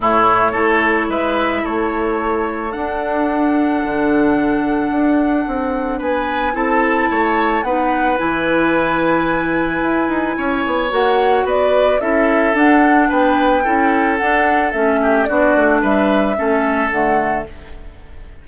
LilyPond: <<
  \new Staff \with { instrumentName = "flute" } { \time 4/4 \tempo 4 = 110 cis''2 e''4 cis''4~ | cis''4 fis''2.~ | fis''2. gis''4 | a''2 fis''4 gis''4~ |
gis''1 | fis''4 d''4 e''4 fis''4 | g''2 fis''4 e''4 | d''4 e''2 fis''4 | }
  \new Staff \with { instrumentName = "oboe" } { \time 4/4 e'4 a'4 b'4 a'4~ | a'1~ | a'2. b'4 | a'4 cis''4 b'2~ |
b'2. cis''4~ | cis''4 b'4 a'2 | b'4 a'2~ a'8 g'8 | fis'4 b'4 a'2 | }
  \new Staff \with { instrumentName = "clarinet" } { \time 4/4 a4 e'2.~ | e'4 d'2.~ | d'1 | e'2 dis'4 e'4~ |
e'1 | fis'2 e'4 d'4~ | d'4 e'4 d'4 cis'4 | d'2 cis'4 a4 | }
  \new Staff \with { instrumentName = "bassoon" } { \time 4/4 a,4 a4 gis4 a4~ | a4 d'2 d4~ | d4 d'4 c'4 b4 | c'4 a4 b4 e4~ |
e2 e'8 dis'8 cis'8 b8 | ais4 b4 cis'4 d'4 | b4 cis'4 d'4 a4 | b8 a8 g4 a4 d4 | }
>>